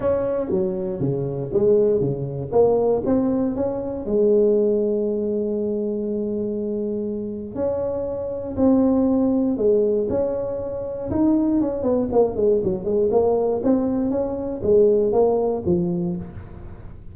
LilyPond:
\new Staff \with { instrumentName = "tuba" } { \time 4/4 \tempo 4 = 119 cis'4 fis4 cis4 gis4 | cis4 ais4 c'4 cis'4 | gis1~ | gis2. cis'4~ |
cis'4 c'2 gis4 | cis'2 dis'4 cis'8 b8 | ais8 gis8 fis8 gis8 ais4 c'4 | cis'4 gis4 ais4 f4 | }